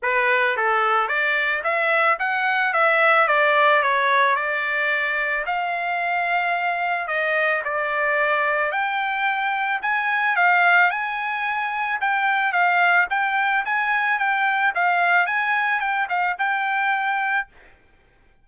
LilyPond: \new Staff \with { instrumentName = "trumpet" } { \time 4/4 \tempo 4 = 110 b'4 a'4 d''4 e''4 | fis''4 e''4 d''4 cis''4 | d''2 f''2~ | f''4 dis''4 d''2 |
g''2 gis''4 f''4 | gis''2 g''4 f''4 | g''4 gis''4 g''4 f''4 | gis''4 g''8 f''8 g''2 | }